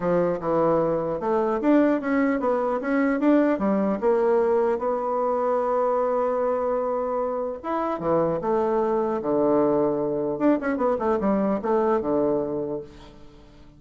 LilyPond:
\new Staff \with { instrumentName = "bassoon" } { \time 4/4 \tempo 4 = 150 f4 e2 a4 | d'4 cis'4 b4 cis'4 | d'4 g4 ais2 | b1~ |
b2. e'4 | e4 a2 d4~ | d2 d'8 cis'8 b8 a8 | g4 a4 d2 | }